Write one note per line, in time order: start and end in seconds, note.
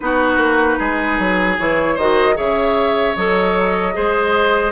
0.00 0.37 B3
0.00 1.58 D#4
0.00 0.78 F#4
0.00 1.56 B4
0.37 0.76 A#3
0.78 1.18 G#3
0.78 1.95 G#4
1.18 1.58 F#3
1.58 1.97 E3
1.58 1.98 E4
1.58 1.97 C#5
1.95 2.37 D#3
1.95 2.35 F#4
1.95 2.34 C5
1.95 2.37 D#5
2.35 3.16 C#3
2.35 3.13 G#4
2.35 3.94 C#5
2.35 3.16 E5
3.16 3.95 F#3
3.16 3.92 A4
3.16 4.71 D#5
3.92 4.71 G#3
3.92 4.71 G#4
3.92 4.71 C5